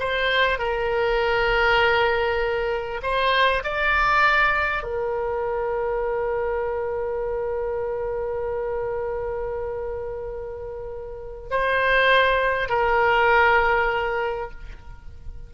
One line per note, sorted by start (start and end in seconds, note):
0.00 0.59 C5
0.59 3.01 A#4
3.02 3.63 C5
3.64 4.83 D5
4.83 11.50 A#4
11.51 12.69 C5
12.69 14.51 A#4